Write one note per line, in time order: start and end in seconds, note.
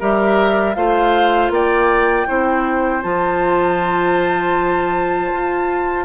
0.00 0.77 G3
0.00 0.76 G4
0.00 0.76 A#4
0.00 0.75 E5
0.75 1.50 A3
0.75 2.27 F4
0.75 1.53 C5
0.75 1.51 F5
1.50 2.26 A#3
1.50 2.28 D5
1.50 3.03 G5
2.27 3.04 C4
2.27 3.03 E4
2.27 6.05 C5
3.03 5.32 F3
3.03 6.05 F4
3.03 6.05 A5
5.33 6.05 F4